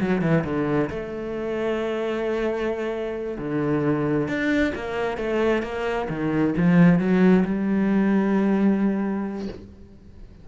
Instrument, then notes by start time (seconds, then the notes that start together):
cello
0.00 F#3
0.21 E3
0.44 D3
0.90 A3
3.39 D3
4.28 D4
4.75 A#3
5.17 A3
5.62 A#3
6.09 D#3
6.57 F3
6.99 F#3
7.45 G3